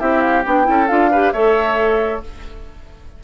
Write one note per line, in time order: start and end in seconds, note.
0.00 0.46 C4
0.00 0.45 E4
0.00 0.67 G4
0.00 0.21 E5
0.21 0.44 F5
0.45 0.68 B3
0.45 0.64 D4
0.45 0.88 G5
0.64 0.91 C#4
0.64 0.86 E4
0.64 1.11 A4
0.88 1.34 D4
0.88 1.12 F4
0.88 1.32 F5
1.11 1.35 G4
1.11 1.33 B4
1.32 2.23 A3
1.32 2.24 A4
1.32 2.22 C#5
1.32 2.21 E5